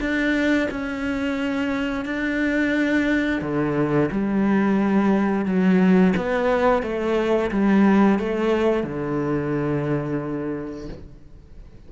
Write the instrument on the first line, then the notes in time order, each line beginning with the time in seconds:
cello
0.00 D4
0.70 C#4
2.05 D4
3.41 D3
4.11 G3
5.45 F#3
6.16 B3
6.82 A3
7.51 G3
8.19 A3
8.83 D3